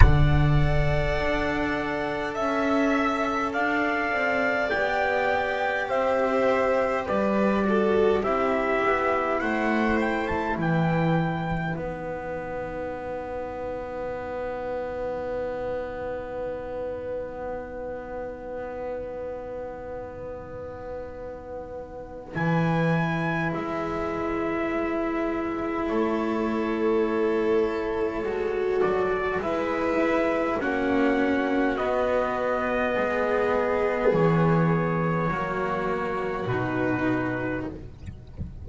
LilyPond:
<<
  \new Staff \with { instrumentName = "trumpet" } { \time 4/4 \tempo 4 = 51 fis''2 e''4 f''4 | g''4 e''4 d''4 e''4 | fis''8 g''16 a''16 g''4 fis''2~ | fis''1~ |
fis''2. gis''4 | e''2 cis''2~ | cis''8 d''8 e''4 fis''4 dis''4~ | dis''4 cis''2 b'4 | }
  \new Staff \with { instrumentName = "violin" } { \time 4/4 d''2 e''4 d''4~ | d''4 c''4 b'8 a'8 g'4 | c''4 b'2.~ | b'1~ |
b'1~ | b'2 a'2~ | a'4 b'4 fis'2 | gis'2 fis'2 | }
  \new Staff \with { instrumentName = "cello" } { \time 4/4 a'1 | g'2~ g'8 fis'8 e'4~ | e'2 dis'2~ | dis'1~ |
dis'2. e'4~ | e'1 | fis'4 e'4 cis'4 b4~ | b2 ais4 dis'4 | }
  \new Staff \with { instrumentName = "double bass" } { \time 4/4 d4 d'4 cis'4 d'8 c'8 | b4 c'4 g4 c'8 b8 | a4 e4 b2~ | b1~ |
b2. e4 | gis2 a2 | gis8 fis8 gis4 ais4 b4 | gis4 e4 fis4 b,4 | }
>>